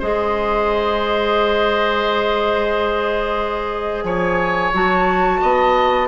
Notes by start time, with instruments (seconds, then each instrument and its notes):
0.00 bassoon G#3, clarinet G#4, oboe C5, flute D#5
4.04 bassoon F3, oboe C#5, flute G#5
4.74 bassoon F#3, clarinet F#4, flute A5
5.41 bassoon B3, oboe D#5